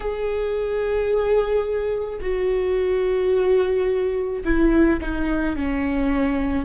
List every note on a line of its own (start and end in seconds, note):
0.00 2.19 G#4
2.21 4.43 F#4
4.44 4.99 E4
5.00 5.56 D#4
5.56 6.65 C#4